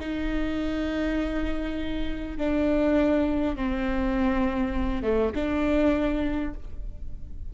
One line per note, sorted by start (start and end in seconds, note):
0.00 2.38 D#4
2.38 3.56 D4
3.56 5.03 C4
5.03 5.33 A3
5.35 6.54 D4